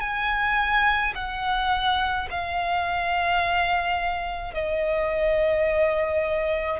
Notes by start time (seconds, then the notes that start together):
0.00 G#5
1.15 F#5
2.31 F5
4.54 D#5